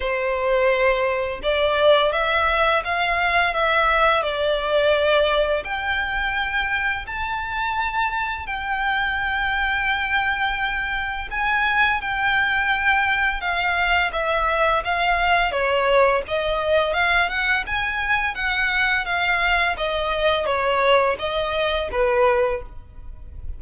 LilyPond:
\new Staff \with { instrumentName = "violin" } { \time 4/4 \tempo 4 = 85 c''2 d''4 e''4 | f''4 e''4 d''2 | g''2 a''2 | g''1 |
gis''4 g''2 f''4 | e''4 f''4 cis''4 dis''4 | f''8 fis''8 gis''4 fis''4 f''4 | dis''4 cis''4 dis''4 b'4 | }